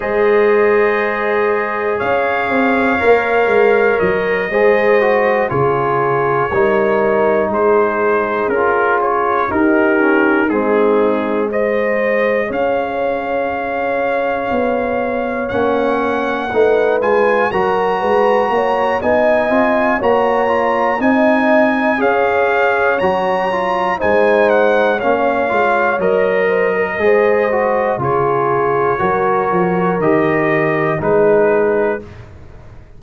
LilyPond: <<
  \new Staff \with { instrumentName = "trumpet" } { \time 4/4 \tempo 4 = 60 dis''2 f''2 | dis''4. cis''2 c''8~ | c''8 ais'8 cis''8 ais'4 gis'4 dis''8~ | dis''8 f''2. fis''8~ |
fis''4 gis''8 ais''4. gis''4 | ais''4 gis''4 f''4 ais''4 | gis''8 fis''8 f''4 dis''2 | cis''2 dis''4 b'4 | }
  \new Staff \with { instrumentName = "horn" } { \time 4/4 c''2 cis''2~ | cis''8 c''4 gis'4 ais'4 gis'8~ | gis'4. g'4 dis'4 c''8~ | c''8 cis''2.~ cis''8~ |
cis''8 b'4 ais'8 b'8 cis''8 dis''4 | cis''4 dis''4 cis''2 | c''4 cis''4. c''16 ais'16 c''4 | gis'4 ais'2 gis'4 | }
  \new Staff \with { instrumentName = "trombone" } { \time 4/4 gis'2. ais'4~ | ais'8 gis'8 fis'8 f'4 dis'4.~ | dis'8 f'4 dis'8 cis'8 c'4 gis'8~ | gis'2.~ gis'8 cis'8~ |
cis'8 dis'8 f'8 fis'4. dis'8 f'8 | fis'8 f'8 dis'4 gis'4 fis'8 f'8 | dis'4 cis'8 f'8 ais'4 gis'8 fis'8 | f'4 fis'4 g'4 dis'4 | }
  \new Staff \with { instrumentName = "tuba" } { \time 4/4 gis2 cis'8 c'8 ais8 gis8 | fis8 gis4 cis4 g4 gis8~ | gis8 cis'4 dis'4 gis4.~ | gis8 cis'2 b4 ais8~ |
ais8 a8 gis8 fis8 gis8 ais8 b8 c'8 | ais4 c'4 cis'4 fis4 | gis4 ais8 gis8 fis4 gis4 | cis4 fis8 f8 dis4 gis4 | }
>>